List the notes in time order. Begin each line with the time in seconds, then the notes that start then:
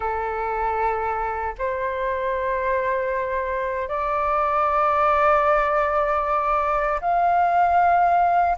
0.00 A4
1.58 C5
3.88 D5
7.01 F5